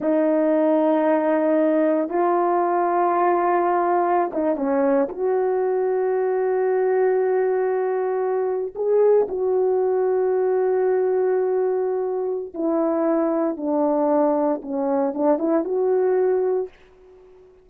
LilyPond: \new Staff \with { instrumentName = "horn" } { \time 4/4 \tempo 4 = 115 dis'1 | f'1~ | f'16 dis'8 cis'4 fis'2~ fis'16~ | fis'1~ |
fis'8. gis'4 fis'2~ fis'16~ | fis'1 | e'2 d'2 | cis'4 d'8 e'8 fis'2 | }